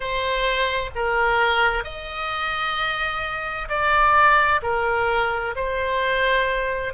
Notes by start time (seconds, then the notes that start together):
0.00 C5
0.95 A#4
1.83 D#5
3.68 D5
4.62 A#4
5.56 C5